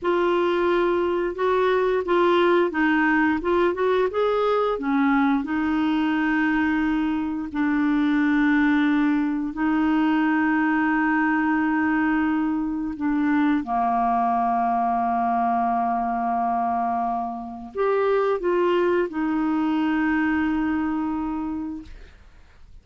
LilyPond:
\new Staff \with { instrumentName = "clarinet" } { \time 4/4 \tempo 4 = 88 f'2 fis'4 f'4 | dis'4 f'8 fis'8 gis'4 cis'4 | dis'2. d'4~ | d'2 dis'2~ |
dis'2. d'4 | ais1~ | ais2 g'4 f'4 | dis'1 | }